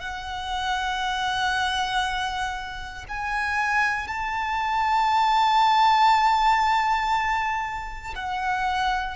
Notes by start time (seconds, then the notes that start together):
0.00 F#5
3.08 G#5
4.08 A5
8.15 F#5